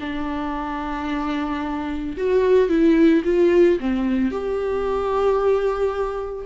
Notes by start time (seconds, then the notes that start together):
0.00 D4
2.17 F#4
2.69 E4
3.25 F4
3.80 C4
4.31 G4